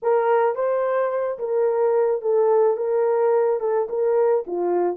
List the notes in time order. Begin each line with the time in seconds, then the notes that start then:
0.02 A#4
0.55 C5
1.38 A#4
2.21 A4
2.77 A#4
3.60 A4
3.89 A#4
4.46 F4